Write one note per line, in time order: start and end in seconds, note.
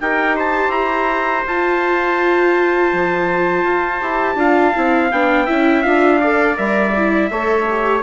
0.00 0.69 D#4
0.00 1.47 G4
0.00 0.36 A#4
0.00 0.37 G5
0.36 4.39 C5
0.36 0.71 A5
0.69 1.42 E4
0.69 1.44 A#5
1.46 2.93 F4
1.46 4.01 F4
1.46 5.11 A5
2.93 3.64 F3
3.64 4.00 F4
4.01 4.36 E4
4.01 4.37 G4
4.36 4.72 D4
4.36 4.74 F4
4.36 5.46 F5
4.75 5.12 C4
4.75 5.11 E4
5.11 5.48 B3
5.11 5.47 D4
5.11 5.82 G5
5.46 5.85 C#4
5.46 5.84 E4
5.46 6.19 E5
5.82 6.59 D4
5.82 6.21 F4
5.82 6.56 F5
6.21 6.56 A4
6.21 7.30 D5
6.56 7.31 G3
6.56 6.93 A#4
6.56 8.03 E5
6.96 7.31 E4
7.31 8.03 A3
7.31 7.68 A4
7.31 8.03 C#5
7.70 8.03 G4